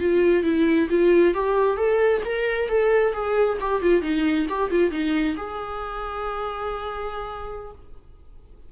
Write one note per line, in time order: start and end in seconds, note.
0.00 0.44 F4
0.44 0.88 E4
0.90 1.35 F4
1.35 1.77 G4
1.77 2.22 A4
2.25 2.69 A#4
2.69 3.13 A4
3.13 3.58 G#4
3.61 3.82 G4
3.82 4.02 F4
4.02 4.47 D#4
4.49 4.71 G4
4.71 4.92 F4
4.92 5.36 D#4
5.37 7.72 G#4